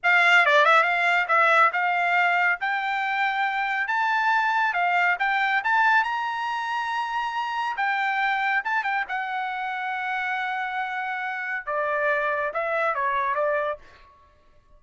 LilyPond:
\new Staff \with { instrumentName = "trumpet" } { \time 4/4 \tempo 4 = 139 f''4 d''8 e''8 f''4 e''4 | f''2 g''2~ | g''4 a''2 f''4 | g''4 a''4 ais''2~ |
ais''2 g''2 | a''8 g''8 fis''2.~ | fis''2. d''4~ | d''4 e''4 cis''4 d''4 | }